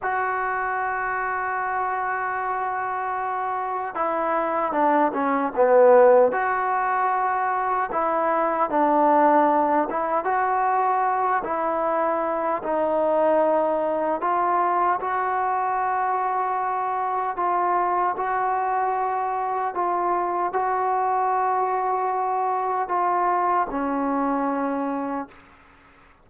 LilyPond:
\new Staff \with { instrumentName = "trombone" } { \time 4/4 \tempo 4 = 76 fis'1~ | fis'4 e'4 d'8 cis'8 b4 | fis'2 e'4 d'4~ | d'8 e'8 fis'4. e'4. |
dis'2 f'4 fis'4~ | fis'2 f'4 fis'4~ | fis'4 f'4 fis'2~ | fis'4 f'4 cis'2 | }